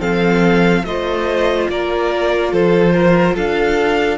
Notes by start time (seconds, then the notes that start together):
0.00 F3 C4 A4 F5
0.84 A3 F4 C5 D#5
1.69 A#3 A#4 D5
2.52 F3 A4 C5
2.94 A#4
3.35 D4 A4 F5